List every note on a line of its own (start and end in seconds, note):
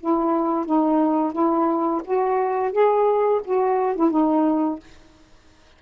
0.00 0.66 E4
0.66 1.33 D#4
1.33 2.02 E4
2.04 2.72 F#4
2.72 3.41 G#4
3.45 3.96 F#4
3.96 4.11 E4
4.11 4.80 D#4